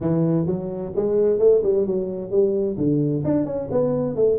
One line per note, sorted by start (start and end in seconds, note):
0.00 0.46 E3
0.46 0.92 F#3
0.95 1.38 G#3
1.38 1.61 A3
1.63 1.86 G3
1.86 2.30 F#3
2.30 2.77 G3
2.77 3.23 D3
3.24 3.45 D4
3.45 3.68 C#4
3.71 4.15 B3
4.15 4.38 A3